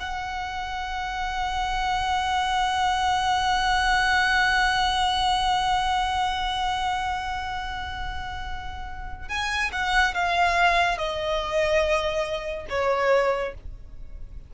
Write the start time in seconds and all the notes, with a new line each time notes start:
0.00 F#5
9.29 G#5
9.73 F#5
10.14 F5
10.98 D#5
12.70 C#5